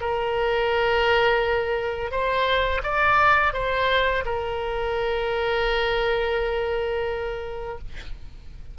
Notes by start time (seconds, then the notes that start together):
0.00 A#4
2.11 C5
2.83 D5
3.53 C5
4.25 A#4